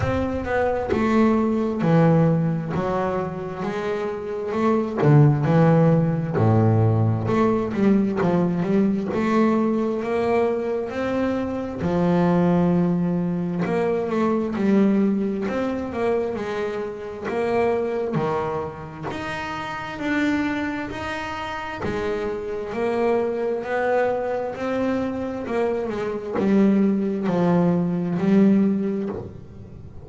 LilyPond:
\new Staff \with { instrumentName = "double bass" } { \time 4/4 \tempo 4 = 66 c'8 b8 a4 e4 fis4 | gis4 a8 d8 e4 a,4 | a8 g8 f8 g8 a4 ais4 | c'4 f2 ais8 a8 |
g4 c'8 ais8 gis4 ais4 | dis4 dis'4 d'4 dis'4 | gis4 ais4 b4 c'4 | ais8 gis8 g4 f4 g4 | }